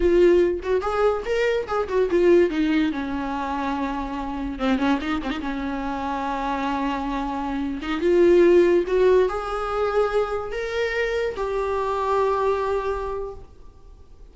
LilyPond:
\new Staff \with { instrumentName = "viola" } { \time 4/4 \tempo 4 = 144 f'4. fis'8 gis'4 ais'4 | gis'8 fis'8 f'4 dis'4 cis'4~ | cis'2. c'8 cis'8 | dis'8 c'16 dis'16 cis'2.~ |
cis'2~ cis'8. dis'8 f'8.~ | f'4~ f'16 fis'4 gis'4.~ gis'16~ | gis'4~ gis'16 ais'2 g'8.~ | g'1 | }